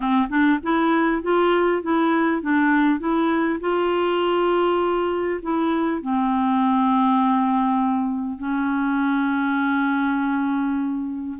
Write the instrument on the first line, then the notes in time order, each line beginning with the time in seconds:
clarinet
0.00 C4
0.29 D4
0.62 E4
1.22 F4
1.82 E4
2.42 D4
2.99 E4
3.60 F4
5.42 E4
6.01 C4
8.38 C#4